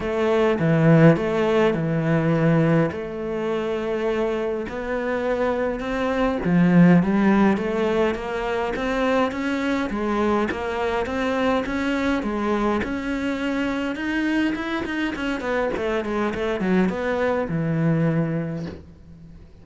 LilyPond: \new Staff \with { instrumentName = "cello" } { \time 4/4 \tempo 4 = 103 a4 e4 a4 e4~ | e4 a2. | b2 c'4 f4 | g4 a4 ais4 c'4 |
cis'4 gis4 ais4 c'4 | cis'4 gis4 cis'2 | dis'4 e'8 dis'8 cis'8 b8 a8 gis8 | a8 fis8 b4 e2 | }